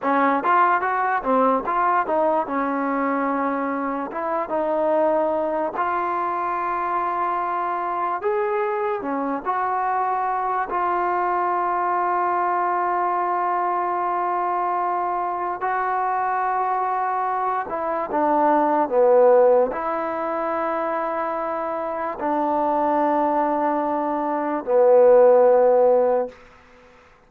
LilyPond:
\new Staff \with { instrumentName = "trombone" } { \time 4/4 \tempo 4 = 73 cis'8 f'8 fis'8 c'8 f'8 dis'8 cis'4~ | cis'4 e'8 dis'4. f'4~ | f'2 gis'4 cis'8 fis'8~ | fis'4 f'2.~ |
f'2. fis'4~ | fis'4. e'8 d'4 b4 | e'2. d'4~ | d'2 b2 | }